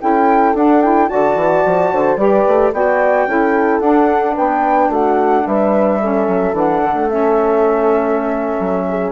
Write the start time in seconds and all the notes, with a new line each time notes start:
0.00 C#4 E4 A4 G5
0.54 D4 F#5
0.82 E4 G5
1.09 D3 F#4 D5 A5
1.35 E3
1.65 F3
1.92 D3 C5
2.17 G3 G4 B4 D5
2.48 A3
2.73 B3 F#4 D5 G5
3.27 C#4 E4 A4
3.80 D4 F#5
4.34 B3 B4 G5
4.89 A3 F#4 F#5
5.47 G3 B4 E5
6.01 C#4 A4
6.28 F#3
6.52 E3 D4 F#5
6.84 D3
6.94 A3
7.09 C#4 E5
8.60 F#3
8.89 G#4